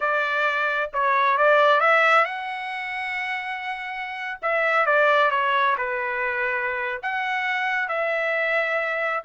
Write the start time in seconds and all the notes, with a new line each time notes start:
0.00 D5
0.93 C#5
1.37 D5
1.80 E5
2.24 F#5
4.41 E5
4.86 D5
5.30 C#5
5.77 B4
7.02 F#5
7.88 E5